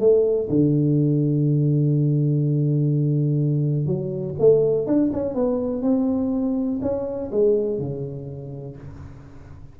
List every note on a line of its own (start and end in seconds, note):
0.00 0.49 A3
0.49 3.86 D3
3.86 4.35 F#3
4.39 4.86 A3
4.86 5.11 D4
5.13 5.35 C#4
5.35 5.82 B3
5.82 6.80 C4
6.82 7.31 C#4
7.31 7.79 G#3
7.79 8.76 C#3